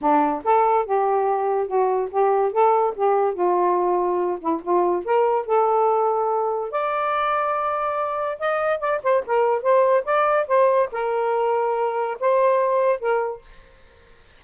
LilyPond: \new Staff \with { instrumentName = "saxophone" } { \time 4/4 \tempo 4 = 143 d'4 a'4 g'2 | fis'4 g'4 a'4 g'4 | f'2~ f'8 e'8 f'4 | ais'4 a'2. |
d''1 | dis''4 d''8 c''8 ais'4 c''4 | d''4 c''4 ais'2~ | ais'4 c''2 ais'4 | }